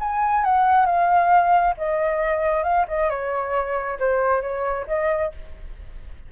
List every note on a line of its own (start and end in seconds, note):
0.00 0.44 G#5
0.44 0.86 F#5
0.86 1.75 F5
1.77 2.64 D#5
2.64 2.86 F5
2.88 3.10 D#5
3.10 3.99 C#5
4.00 4.42 C5
4.42 4.86 C#5
4.87 5.32 D#5